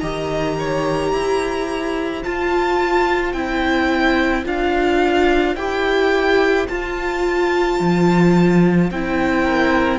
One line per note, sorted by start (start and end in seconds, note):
0.00 1.12 D#3
0.00 2.24 G4
0.00 0.56 D#5
0.00 2.22 A#5
0.59 1.13 C#5
1.12 2.23 E4
1.12 9.44 C5
2.23 3.35 F4
2.23 3.33 F4
2.23 3.33 A5
3.33 4.44 C4
3.33 4.45 E4
3.33 4.44 G5
4.45 5.55 D4
4.45 5.56 F4
4.45 5.55 F5
5.55 6.66 E4
5.55 6.69 G4
5.55 6.66 G5
6.68 7.79 F4
6.68 8.92 F4
6.68 8.90 A5
7.79 8.91 F3
8.91 9.99 C4
8.91 9.99 E4
8.91 9.99 G5
9.44 9.99 A#4